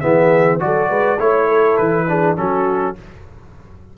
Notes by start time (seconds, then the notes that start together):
0.00 E3 B3 G#4 E5
0.59 F#3 F#4 A4 D5
0.90 G#3 B4
1.19 A3 E4 C#5
1.48 A4
1.77 E3 B4
2.08 D4 G#4
2.36 F#3 C#4 F#4 A4